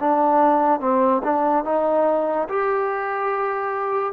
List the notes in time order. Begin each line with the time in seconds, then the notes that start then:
0.00 D4
0.80 C4
1.23 D4
1.64 D#4
2.48 G4